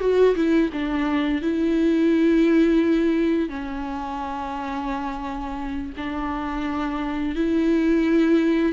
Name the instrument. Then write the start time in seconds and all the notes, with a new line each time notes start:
viola
0.00 F#4
0.35 E4
0.72 D4
1.42 E4
3.49 C#4
5.97 D4
7.35 E4